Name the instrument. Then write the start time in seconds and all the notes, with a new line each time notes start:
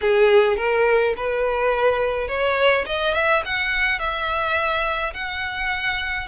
violin
0.01 G#4
0.56 A#4
1.16 B4
2.28 C#5
2.85 D#5
3.14 E5
3.45 F#5
3.99 E5
5.13 F#5